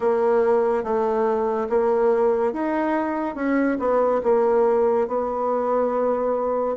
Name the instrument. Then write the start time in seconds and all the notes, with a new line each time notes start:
bassoon
0.00 A#3
0.83 A3
1.69 A#3
2.52 D#4
3.35 C#4
3.79 B3
4.23 A#3
5.07 B3